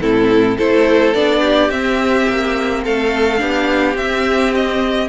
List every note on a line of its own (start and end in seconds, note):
0.00 0.57 A2
0.00 0.57 C4
0.00 0.57 E4
0.00 0.57 A4
0.57 1.14 A3
0.57 1.14 E4
0.57 1.40 A4
0.57 1.14 C5
1.14 1.70 B3
1.14 1.70 D4
1.14 1.70 D5
1.40 2.81 G4
1.70 2.26 C4
1.70 3.38 C4
1.70 2.83 E5
2.29 2.86 A#3
2.84 3.41 A3
2.84 3.40 A4
2.84 3.96 F5
3.38 3.94 B3
3.38 3.94 D4
3.38 5.08 G4
3.94 5.07 C4
3.94 5.08 C4
3.94 4.53 E5
4.55 5.08 D#5